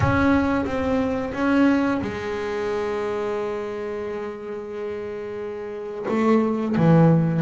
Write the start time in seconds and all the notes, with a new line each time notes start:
0.00 C#4
0.65 C4
1.33 C#4
2.01 G#3
6.08 A3
6.76 E3